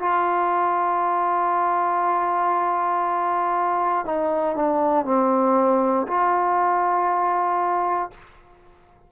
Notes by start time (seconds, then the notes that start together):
0.00 F4
4.06 D#4
4.56 D4
5.06 C4
6.08 F4